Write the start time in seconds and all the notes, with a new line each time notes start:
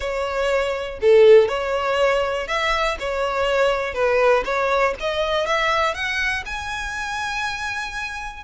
0.00 C#5
1.01 A4
1.48 C#5
2.47 E5
2.99 C#5
3.94 B4
4.44 C#5
4.99 D#5
5.46 E5
5.94 F#5
6.45 G#5